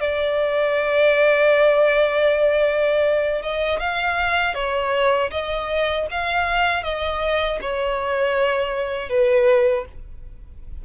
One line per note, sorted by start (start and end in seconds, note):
0.00 3.42 D5
3.42 3.79 D#5
3.79 4.54 F5
4.54 5.30 C#5
5.31 6.07 D#5
6.11 6.83 F5
6.83 7.59 D#5
7.61 9.09 C#5
9.09 9.85 B4